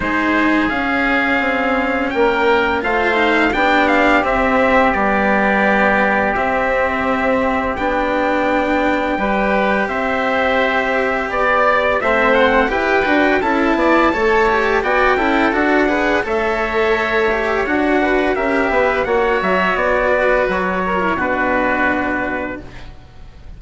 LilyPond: <<
  \new Staff \with { instrumentName = "trumpet" } { \time 4/4 \tempo 4 = 85 c''4 f''2 g''4 | f''4 g''8 f''8 e''4 d''4~ | d''4 e''2 g''4~ | g''2 e''2 |
d''4 e''8 fis''8 g''4 a''4~ | a''4 g''4 fis''4 e''4~ | e''4 fis''4 e''4 fis''8 e''8 | d''4 cis''4 b'2 | }
  \new Staff \with { instrumentName = "oboe" } { \time 4/4 gis'2. ais'4 | c''4 g'2.~ | g'1~ | g'4 b'4 c''2 |
d''4 c''4 b'4 a'8 d''8 | cis''4 d''8 a'4 b'8 cis''4~ | cis''4. b'8 ais'8 b'8 cis''4~ | cis''8 b'4 ais'8 fis'2 | }
  \new Staff \with { instrumentName = "cello" } { \time 4/4 dis'4 cis'2. | f'8 dis'8 d'4 c'4 b4~ | b4 c'2 d'4~ | d'4 g'2.~ |
g'4 c'4 g'8 fis'8 e'4 | a'8 g'8 fis'8 e'8 fis'8 gis'8 a'4~ | a'8 g'8 fis'4 g'4 fis'4~ | fis'4.~ fis'16 e'16 d'2 | }
  \new Staff \with { instrumentName = "bassoon" } { \time 4/4 gis4 cis'4 c'4 ais4 | a4 b4 c'4 g4~ | g4 c'2 b4~ | b4 g4 c'2 |
b4 a4 e'8 d'8 cis'8 b8 | a4 b8 cis'8 d'4 a4~ | a4 d'4 cis'8 b8 ais8 fis8 | b4 fis4 b,2 | }
>>